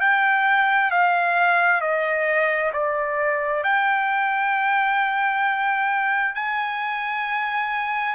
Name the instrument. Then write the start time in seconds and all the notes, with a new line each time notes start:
trumpet
0.00 G5
0.90 F5
1.81 D#5
2.73 D5
3.63 G5
6.35 G#5